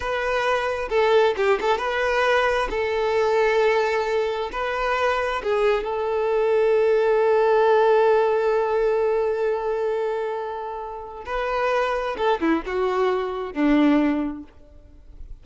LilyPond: \new Staff \with { instrumentName = "violin" } { \time 4/4 \tempo 4 = 133 b'2 a'4 g'8 a'8 | b'2 a'2~ | a'2 b'2 | gis'4 a'2.~ |
a'1~ | a'1~ | a'4 b'2 a'8 e'8 | fis'2 d'2 | }